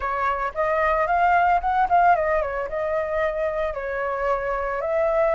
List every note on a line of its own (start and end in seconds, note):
0.00 0.52 C#5
0.54 1.06 D#5
1.06 1.60 F5
1.60 1.87 F#5
1.89 2.15 F5
2.15 2.41 D#5
2.41 2.68 C#5
2.68 3.74 D#5
3.74 4.81 C#5
4.81 5.34 E5